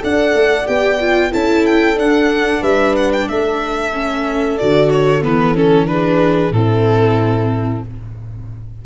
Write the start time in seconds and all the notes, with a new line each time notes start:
0.00 D4 A4 D5 F#5
0.34 A3
0.65 B3 G4 G5
1.00 F4
1.32 C#4 E4 A4 A5
1.66 G5
1.95 D4 F#5
2.62 G3 B4 E5
2.96 F#5
3.12 G5
3.28 A3 A4 E5
3.93 C#4
4.58 D3 F#4 D5
4.90 C#5
5.22 E3 B3 B4
5.55 C#4 A4
5.87 D4 G#4 B4
6.51 A2 C4 E4 A4